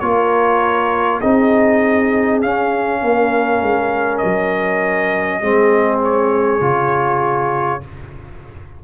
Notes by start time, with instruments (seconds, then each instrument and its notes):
0.00 tuba A#3, trombone F4, horn A#4, trumpet C#5
1.21 tuba C4, trombone D#4, horn G#4, trumpet D#5
2.42 trombone C#4, tuba C#4, trumpet F5
3.01 tuba A#3, horn A#4
3.62 tuba G#3
4.18 trumpet D#5
4.24 tuba F#3
5.41 tuba G#3, trombone C4, horn G#4
6.04 trumpet C#5
6.61 tuba C#3, trombone F4